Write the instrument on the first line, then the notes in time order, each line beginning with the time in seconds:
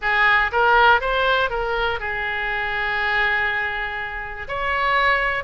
oboe
0.01 G#4
0.51 A#4
1.00 C5
1.49 A#4
1.99 G#4
4.48 C#5